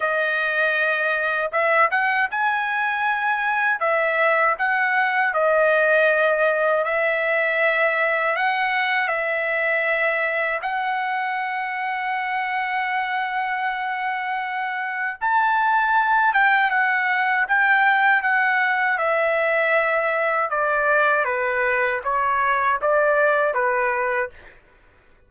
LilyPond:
\new Staff \with { instrumentName = "trumpet" } { \time 4/4 \tempo 4 = 79 dis''2 e''8 fis''8 gis''4~ | gis''4 e''4 fis''4 dis''4~ | dis''4 e''2 fis''4 | e''2 fis''2~ |
fis''1 | a''4. g''8 fis''4 g''4 | fis''4 e''2 d''4 | b'4 cis''4 d''4 b'4 | }